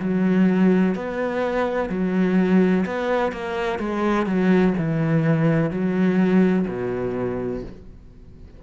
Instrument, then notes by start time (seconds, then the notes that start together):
cello
0.00 F#3
0.95 B3
1.90 F#3
2.86 B3
3.33 A#3
3.80 G#3
4.27 F#3
4.78 E3
5.71 F#3
6.68 B2